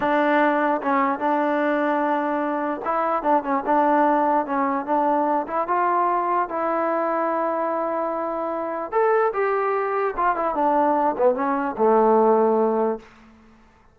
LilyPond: \new Staff \with { instrumentName = "trombone" } { \time 4/4 \tempo 4 = 148 d'2 cis'4 d'4~ | d'2. e'4 | d'8 cis'8 d'2 cis'4 | d'4. e'8 f'2 |
e'1~ | e'2 a'4 g'4~ | g'4 f'8 e'8 d'4. b8 | cis'4 a2. | }